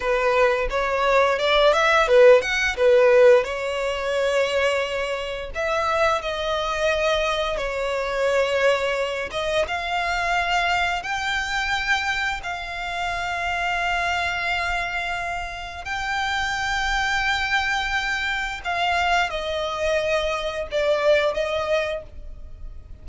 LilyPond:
\new Staff \with { instrumentName = "violin" } { \time 4/4 \tempo 4 = 87 b'4 cis''4 d''8 e''8 b'8 fis''8 | b'4 cis''2. | e''4 dis''2 cis''4~ | cis''4. dis''8 f''2 |
g''2 f''2~ | f''2. g''4~ | g''2. f''4 | dis''2 d''4 dis''4 | }